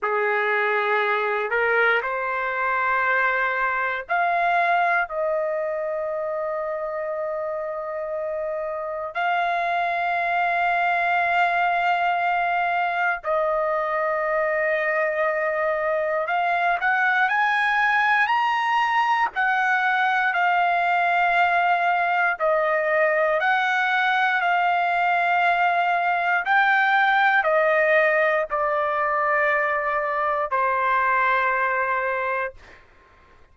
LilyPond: \new Staff \with { instrumentName = "trumpet" } { \time 4/4 \tempo 4 = 59 gis'4. ais'8 c''2 | f''4 dis''2.~ | dis''4 f''2.~ | f''4 dis''2. |
f''8 fis''8 gis''4 ais''4 fis''4 | f''2 dis''4 fis''4 | f''2 g''4 dis''4 | d''2 c''2 | }